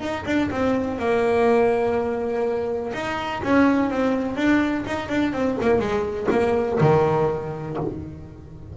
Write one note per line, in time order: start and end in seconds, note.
0.00 0.24 D#4
0.26 0.50 D4
0.50 0.99 C4
0.99 2.92 A#3
2.93 3.42 D#4
3.43 3.90 C#4
3.90 4.36 C4
4.36 4.84 D4
4.86 5.09 D#4
5.09 5.32 D4
5.32 5.57 C4
5.61 5.79 A#3
5.79 6.27 G#3
6.30 6.79 A#3
6.80 7.77 D#3